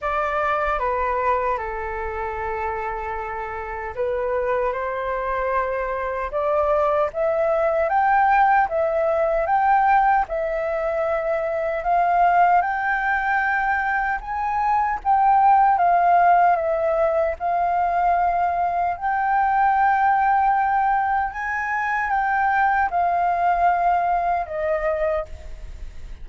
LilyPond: \new Staff \with { instrumentName = "flute" } { \time 4/4 \tempo 4 = 76 d''4 b'4 a'2~ | a'4 b'4 c''2 | d''4 e''4 g''4 e''4 | g''4 e''2 f''4 |
g''2 gis''4 g''4 | f''4 e''4 f''2 | g''2. gis''4 | g''4 f''2 dis''4 | }